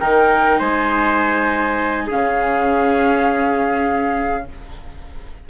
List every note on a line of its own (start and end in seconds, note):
0.00 0.60 D#3
0.00 2.10 D#4
0.00 0.59 A#4
0.00 0.59 G5
0.59 2.09 G#3
0.59 2.07 C5
0.59 2.08 G#5
2.07 4.49 C#3
2.07 4.47 C#4
2.07 4.44 G#4
2.07 4.49 F5